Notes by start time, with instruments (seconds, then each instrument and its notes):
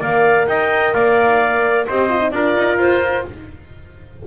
0.00 double bass A#3, horn A#4, trumpet D5, clarinet F5
0.47 double bass D#4, trumpet D#5, clarinet G5
0.93 double bass A#3, trumpet D5, clarinet F5
1.88 double bass C4, horn G4, trumpet C5, clarinet D#5
2.10 horn F4
2.21 horn D#4
2.31 double bass D4, horn F4, trumpet A#4, clarinet D5
2.57 double bass D#4
2.79 double bass F4, clarinet C5